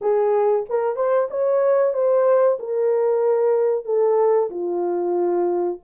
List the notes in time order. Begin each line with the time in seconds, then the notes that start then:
0.01 G#4
0.69 A#4
0.96 C5
1.30 C#5
1.93 C5
2.59 A#4
3.84 A4
4.50 F4